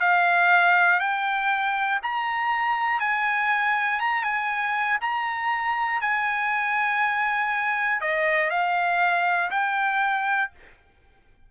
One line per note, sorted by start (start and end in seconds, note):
0.00 1.00 F5
1.00 2.00 G5
2.02 3.00 A#5
3.00 4.00 G#5
4.00 4.23 A#5
4.23 4.98 G#5
5.01 6.01 A#5
6.01 8.01 G#5
8.01 8.50 D#5
8.50 9.50 F5
9.50 10.50 G5